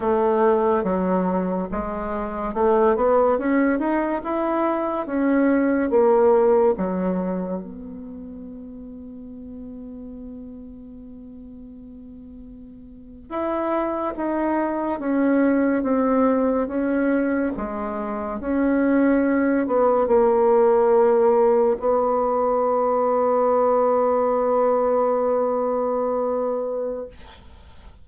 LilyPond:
\new Staff \with { instrumentName = "bassoon" } { \time 4/4 \tempo 4 = 71 a4 fis4 gis4 a8 b8 | cis'8 dis'8 e'4 cis'4 ais4 | fis4 b2.~ | b2.~ b8. e'16~ |
e'8. dis'4 cis'4 c'4 cis'16~ | cis'8. gis4 cis'4. b8 ais16~ | ais4.~ ais16 b2~ b16~ | b1 | }